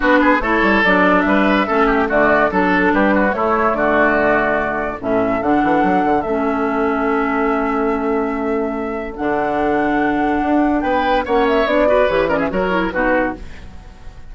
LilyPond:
<<
  \new Staff \with { instrumentName = "flute" } { \time 4/4 \tempo 4 = 144 b'4 cis''4 d''4 e''4~ | e''4 d''4 a'4 b'4 | cis''4 d''2. | e''4 fis''2 e''4~ |
e''1~ | e''2 fis''2~ | fis''2 g''4 fis''8 e''8 | d''4 cis''8 d''16 e''16 cis''4 b'4 | }
  \new Staff \with { instrumentName = "oboe" } { \time 4/4 fis'8 gis'8 a'2 b'4 | a'8 g'8 fis'4 a'4 g'8 fis'8 | e'4 fis'2. | a'1~ |
a'1~ | a'1~ | a'2 b'4 cis''4~ | cis''8 b'4 ais'16 gis'16 ais'4 fis'4 | }
  \new Staff \with { instrumentName = "clarinet" } { \time 4/4 d'4 e'4 d'2 | cis'4 a4 d'2 | a1 | cis'4 d'2 cis'4~ |
cis'1~ | cis'2 d'2~ | d'2. cis'4 | d'8 fis'8 g'8 cis'8 fis'8 e'8 dis'4 | }
  \new Staff \with { instrumentName = "bassoon" } { \time 4/4 b4 a8 g8 fis4 g4 | a4 d4 fis4 g4 | a4 d2. | a,4 d8 e8 fis8 d8 a4~ |
a1~ | a2 d2~ | d4 d'4 b4 ais4 | b4 e4 fis4 b,4 | }
>>